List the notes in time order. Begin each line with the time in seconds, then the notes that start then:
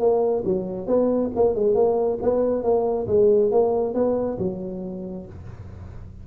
0.00 A#3
0.45 F#3
0.87 B3
1.36 A#3
1.55 G#3
1.75 A#3
2.23 B3
2.64 A#3
3.08 G#3
3.52 A#3
3.95 B3
4.39 F#3